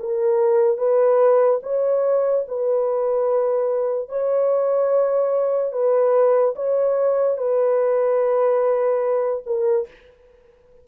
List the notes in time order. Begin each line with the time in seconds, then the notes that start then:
0.00 A#4
0.78 B4
1.63 C#5
2.48 B4
4.09 C#5
5.73 B4
6.56 C#5
7.38 B4
9.46 A#4